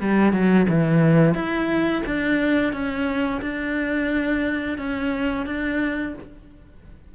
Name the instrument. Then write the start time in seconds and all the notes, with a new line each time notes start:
cello
0.00 G3
0.32 F#3
0.68 E3
1.34 E4
2.05 D4
2.72 C#4
3.41 D4
4.78 C#4
5.46 D4